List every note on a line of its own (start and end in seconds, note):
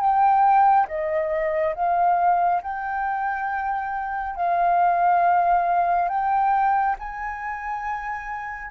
0.00 0.87 G5
0.88 1.75 D#5
1.75 2.62 F5
2.62 4.36 G5
4.36 6.09 F5
6.09 6.96 G5
6.99 8.71 G#5